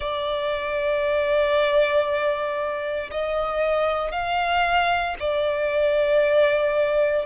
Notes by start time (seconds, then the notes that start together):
0.00 D5
3.10 D#5
4.11 F5
5.19 D5